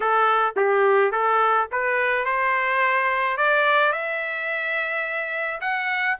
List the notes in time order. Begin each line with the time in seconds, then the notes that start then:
0.00 A4
0.56 G4
1.11 A4
1.71 B4
2.25 C5
3.37 D5
3.92 E5
5.60 F#5